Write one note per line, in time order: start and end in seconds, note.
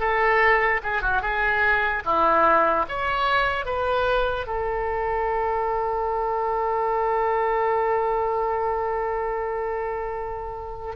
0.00 0.81 A4
0.83 1.02 G#4
1.02 1.22 F#4
1.22 2.03 G#4
2.05 2.86 E4
2.89 3.66 C#5
3.66 4.47 B4
4.47 10.95 A4